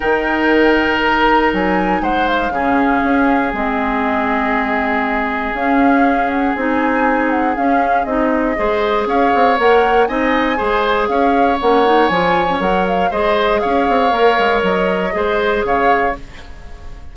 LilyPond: <<
  \new Staff \with { instrumentName = "flute" } { \time 4/4 \tempo 4 = 119 g''2 ais''4 gis''4 | fis''8 f''2~ f''8 dis''4~ | dis''2. f''4~ | f''8 fis''8 gis''4. fis''8 f''4 |
dis''2 f''4 fis''4 | gis''2 f''4 fis''4 | gis''4 fis''8 f''8 dis''4 f''4~ | f''4 dis''2 f''4 | }
  \new Staff \with { instrumentName = "oboe" } { \time 4/4 ais'1 | c''4 gis'2.~ | gis'1~ | gis'1~ |
gis'4 c''4 cis''2 | dis''4 c''4 cis''2~ | cis''2 c''4 cis''4~ | cis''2 c''4 cis''4 | }
  \new Staff \with { instrumentName = "clarinet" } { \time 4/4 dis'1~ | dis'4 cis'2 c'4~ | c'2. cis'4~ | cis'4 dis'2 cis'4 |
dis'4 gis'2 ais'4 | dis'4 gis'2 cis'8 dis'8 | f'8. cis'16 ais'4 gis'2 | ais'2 gis'2 | }
  \new Staff \with { instrumentName = "bassoon" } { \time 4/4 dis2. fis4 | gis4 cis4 cis'4 gis4~ | gis2. cis'4~ | cis'4 c'2 cis'4 |
c'4 gis4 cis'8 c'8 ais4 | c'4 gis4 cis'4 ais4 | f4 fis4 gis4 cis'8 c'8 | ais8 gis8 fis4 gis4 cis4 | }
>>